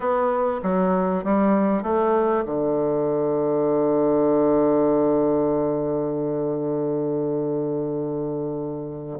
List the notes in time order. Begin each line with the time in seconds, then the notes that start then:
0.00 B3
0.62 F#3
1.24 G3
1.83 A3
2.45 D3